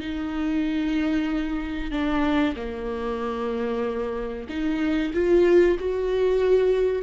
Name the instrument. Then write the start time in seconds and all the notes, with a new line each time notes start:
viola
0.00 D#4
1.91 D4
2.56 A#3
4.49 D#4
5.14 F4
5.79 F#4